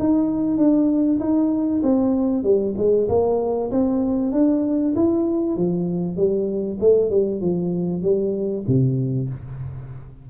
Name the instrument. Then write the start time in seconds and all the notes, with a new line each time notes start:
tuba
0.00 D#4
0.58 D4
1.20 D#4
1.83 C4
2.44 G3
2.78 G#3
3.09 A#3
3.71 C4
4.33 D4
4.96 E4
5.57 F3
6.17 G3
6.81 A3
7.11 G3
7.42 F3
8.03 G3
8.68 C3